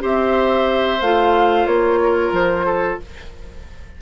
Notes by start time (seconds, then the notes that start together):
0.00 C4 G4 C5 E5
1.01 A3 F4 F5
1.67 A#3 C#5
2.03 A#4
2.32 F3 C5
2.66 A4